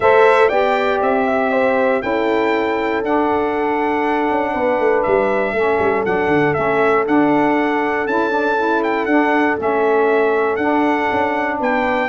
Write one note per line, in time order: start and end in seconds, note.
0.00 0.50 A3
0.00 0.50 A4
0.00 0.49 C5
0.00 0.48 E5
0.48 1.01 B3
0.48 2.01 G4
0.48 1.24 D5
0.48 0.99 G5
1.01 2.01 C4
1.01 2.02 E5
1.27 1.51 E5
1.51 2.02 C5
2.01 3.03 C#4
2.01 3.01 E4
2.01 4.52 A4
2.01 3.02 G5
3.04 4.30 D4
3.04 5.55 D4
3.04 5.03 F#5
4.30 4.54 C#4
4.52 4.79 B3
4.52 5.53 B4
4.79 5.04 A3
5.03 5.53 G3
5.03 6.03 E5
5.53 5.78 A3
5.53 6.05 C#4
5.53 11.59 A4
5.79 6.04 G3
6.05 6.26 F#3
6.05 6.54 D4
6.05 6.53 F#5
6.26 6.51 D3
6.53 7.07 A3
6.53 7.05 C#4
6.53 7.04 E5
7.06 8.06 D4
7.06 8.07 F#5
8.06 9.06 C#4
8.06 8.29 E4
8.06 8.83 A5
8.29 8.54 D4
8.56 9.07 E4
8.83 9.05 G5
9.05 9.57 D4
9.05 9.56 F#5
9.57 10.57 A3
9.57 10.58 C#4
9.57 10.56 E5
10.56 11.08 D4
10.56 12.08 D4
10.56 11.57 F#5
11.11 11.60 C#4
11.59 12.08 B3
11.59 12.08 B4
11.59 12.08 G5